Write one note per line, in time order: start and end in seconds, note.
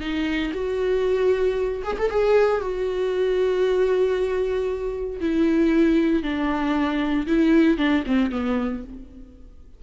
0.00 0.52 D#4
0.53 1.82 F#4
1.83 1.96 G#4
1.98 2.09 A4
2.09 2.61 G#4
2.61 5.20 F#4
5.20 6.23 E4
6.23 7.26 D4
7.26 7.78 E4
7.78 8.03 D4
8.06 8.31 C4
8.31 8.82 B3